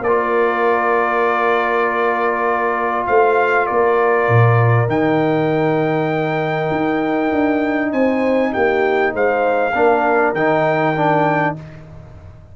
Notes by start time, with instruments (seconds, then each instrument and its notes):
0.00 tuba A#3, horn A#4, trumpet D5
0.07 trombone F4
3.06 tuba A3, horn C5, trumpet F5
3.66 tuba A#3, horn A#4, trumpet D5
4.28 tuba A#2
4.88 tuba D#3, trombone D#4, trumpet G5
6.71 tuba D#4
7.32 tuba D4
7.91 tuba C4, horn C5, trumpet G#5
8.53 tuba A#3, horn G4, trumpet G5
9.13 tuba G#3, horn C5, trumpet F5
9.73 tuba A#3, trombone D4, horn A#4
10.33 tuba D#3, trombone D#4, trumpet G5
10.95 trombone D4